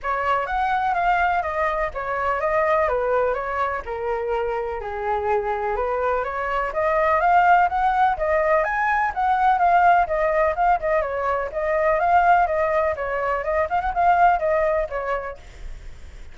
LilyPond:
\new Staff \with { instrumentName = "flute" } { \time 4/4 \tempo 4 = 125 cis''4 fis''4 f''4 dis''4 | cis''4 dis''4 b'4 cis''4 | ais'2 gis'2 | b'4 cis''4 dis''4 f''4 |
fis''4 dis''4 gis''4 fis''4 | f''4 dis''4 f''8 dis''8 cis''4 | dis''4 f''4 dis''4 cis''4 | dis''8 f''16 fis''16 f''4 dis''4 cis''4 | }